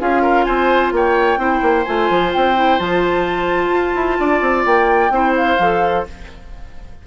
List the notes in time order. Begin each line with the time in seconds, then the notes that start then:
0.00 C#4 F4 G#4 F5
0.22 A#4
0.44 C4 C5 G#5
0.92 A#3 C#5 G5
1.37 C4 E4 C5
1.62 A#3
1.84 A3 F4 G#5
2.10 F3
2.33 C4 G5
2.56 E4
2.79 F3 F4 A5
3.69 F4
3.95 E4
4.20 D4 D5
4.41 C4
4.66 A#3 G5
5.10 C4 E4 C5
5.36 F5
5.59 F3 A4